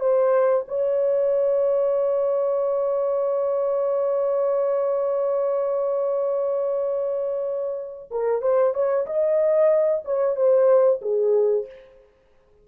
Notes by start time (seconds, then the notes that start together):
0.00 C5
0.68 C#5
8.11 A#4
8.42 C5
8.74 C#5
9.06 D#5
10.05 C#5
10.36 C5
11.01 G#4